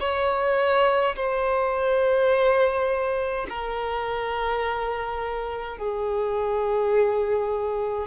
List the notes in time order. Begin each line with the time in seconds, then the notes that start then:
0.00 C#5
1.16 C5
3.49 A#4
5.78 G#4